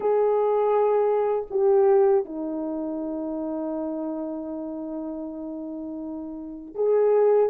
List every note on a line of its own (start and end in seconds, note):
0.00 1.46 G#4
1.50 2.25 G4
2.25 6.74 D#4
6.74 7.49 G#4